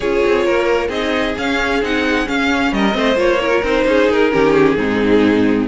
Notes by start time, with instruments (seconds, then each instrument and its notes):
0.00 cello C#4, viola F4, violin G#4 C#5
0.25 cello C4
0.45 cello A#3, violin A#4
0.88 cello C4, viola D#4, violin G#4 D#5
1.37 viola C#4, cello C#4, violin F5
1.82 cello C4, viola D#4, violin F#5
2.26 viola C#4, cello C#4, violin F5
2.72 cello G3, violin A#4 D#5
2.92 cello A3, viola C4, violin C5
3.15 cello A#3, viola F4, violin C#5
3.41 viola E4, violin A#4
3.50 viola F4
3.62 cello C4, viola D#4, violin C5
3.85 cello C#4, violin G#4
4.10 cello D#4, violin A#4
4.30 cello D#3, viola C#4, violin G4
4.53 violin G#4
4.76 cello G#2, viola C4, violin D#4